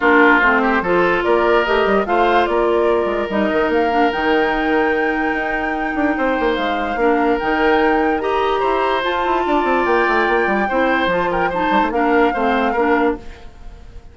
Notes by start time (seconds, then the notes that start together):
0.00 A#3 D4 F4 A#4
0.39 A3 C4 C5
0.61 G4
0.81 F3 F4 A4
1.23 A#3 A#4 D5
1.64 A3 G4 D#5
1.85 G3
2.05 A3 F4 C5 F5
2.45 A#3 A#4 D5
3.05 G#3
3.29 G3 D#4 D#5
3.51 D#3
3.68 A#3 F5
3.90 D4
4.11 D#3 D#4 G5
5.32 D#4
5.95 D4
6.17 C4 C5
6.39 A#3
6.55 G#3 F5
6.95 A#3 D4 A#4
7.39 D#3 D#4 G5
8.19 G4 D#5 A#5
8.60 E4 C5
9.02 F4 A5
9.25 E4
9.46 D4 D5
9.64 C4
9.85 A#3 G5
10.08 A3
10.28 A#3
10.46 G3
10.68 C4 E4 C5
11.06 F3 F4 A5
11.31 A#4 G5
11.49 D#4 C5 A5
11.70 G3
11.82 A3
11.90 A#3 D4 A#4 F5
12.33 A3 C4 C5
12.72 A#3 D4 A#4